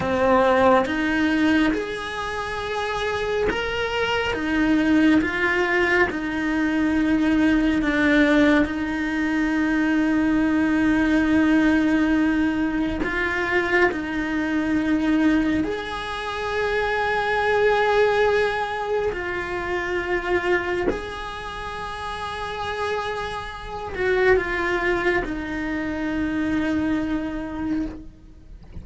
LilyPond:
\new Staff \with { instrumentName = "cello" } { \time 4/4 \tempo 4 = 69 c'4 dis'4 gis'2 | ais'4 dis'4 f'4 dis'4~ | dis'4 d'4 dis'2~ | dis'2. f'4 |
dis'2 gis'2~ | gis'2 f'2 | gis'2.~ gis'8 fis'8 | f'4 dis'2. | }